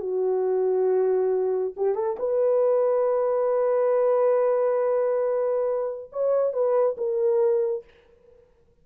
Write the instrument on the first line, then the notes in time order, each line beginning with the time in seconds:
horn
0.00 F#4
1.77 G4
1.95 A4
2.19 B4
6.12 C#5
6.53 B4
6.97 A#4